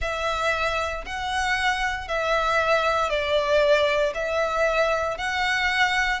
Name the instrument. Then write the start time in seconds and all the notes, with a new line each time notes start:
violin
0.01 E5
1.05 F#5
2.08 E5
3.09 D5
4.14 E5
5.17 F#5